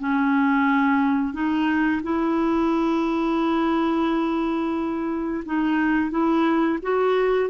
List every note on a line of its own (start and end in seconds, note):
0.00 1.34 C#4
1.34 2.02 D#4
2.04 5.45 E4
5.46 6.11 D#4
6.11 6.79 E4
6.82 7.50 F#4